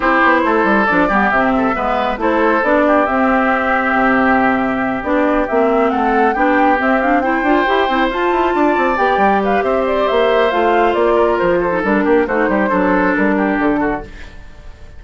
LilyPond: <<
  \new Staff \with { instrumentName = "flute" } { \time 4/4 \tempo 4 = 137 c''2 d''4 e''4~ | e''4 c''4 d''4 e''4~ | e''2.~ e''8 d''8~ | d''8 e''4 fis''4 g''4 e''8 |
f''8 g''2 a''4.~ | a''8 g''4 f''8 e''8 d''8 e''4 | f''4 d''4 c''4 ais'4 | c''2 ais'4 a'4 | }
  \new Staff \with { instrumentName = "oboe" } { \time 4/4 g'4 a'4. g'4 a'8 | b'4 a'4. g'4.~ | g'1~ | g'4. a'4 g'4.~ |
g'8 c''2. d''8~ | d''4. b'8 c''2~ | c''4. ais'4 a'4 g'8 | fis'8 g'8 a'4. g'4 fis'8 | }
  \new Staff \with { instrumentName = "clarinet" } { \time 4/4 e'2 d'8 b8 c'4 | b4 e'4 d'4 c'4~ | c'2.~ c'8 d'8~ | d'8 c'2 d'4 c'8 |
d'8 e'8 f'8 g'8 e'8 f'4.~ | f'8 g'2.~ g'8 | f'2~ f'8. dis'16 d'4 | dis'4 d'2. | }
  \new Staff \with { instrumentName = "bassoon" } { \time 4/4 c'8 b8 a8 g8 f8 g8 c4 | gis4 a4 b4 c'4~ | c'4 c2~ c8 b8~ | b8 ais4 a4 b4 c'8~ |
c'4 d'8 e'8 c'8 f'8 e'8 d'8 | c'8 b8 g4 c'4 ais4 | a4 ais4 f4 g8 ais8 | a8 g8 fis4 g4 d4 | }
>>